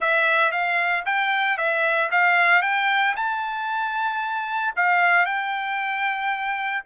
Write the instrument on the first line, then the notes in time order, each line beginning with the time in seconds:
trumpet
0.00 E5
0.51 F5
1.05 G5
1.57 E5
2.11 F5
2.62 G5
3.16 A5
4.76 F5
5.25 G5